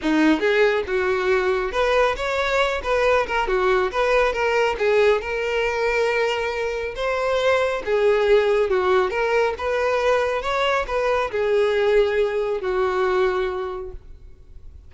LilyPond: \new Staff \with { instrumentName = "violin" } { \time 4/4 \tempo 4 = 138 dis'4 gis'4 fis'2 | b'4 cis''4. b'4 ais'8 | fis'4 b'4 ais'4 gis'4 | ais'1 |
c''2 gis'2 | fis'4 ais'4 b'2 | cis''4 b'4 gis'2~ | gis'4 fis'2. | }